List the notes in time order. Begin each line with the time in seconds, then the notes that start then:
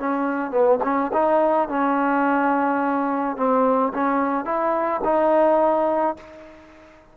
0.00 C#4
0.51 B3
0.84 C#4
1.14 D#4
1.69 C#4
3.37 C4
3.94 C#4
4.45 E4
5.05 D#4